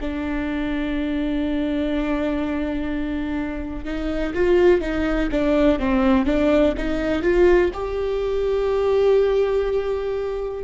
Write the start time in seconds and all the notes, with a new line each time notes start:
0.00 D4
3.84 D#4
4.34 F4
4.80 D#4
5.31 D4
5.79 C4
6.25 D4
6.77 D#4
7.22 F4
7.73 G4